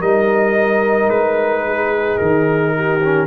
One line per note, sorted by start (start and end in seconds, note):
0.00 1.08 G3
0.00 3.01 D#4
0.00 1.64 A#4
0.00 1.10 D#5
1.08 2.17 G#3
1.08 2.18 B4
1.67 2.76 G#4
2.18 3.28 D#3
2.18 3.27 A#4
2.76 3.28 G4
3.05 3.28 C#4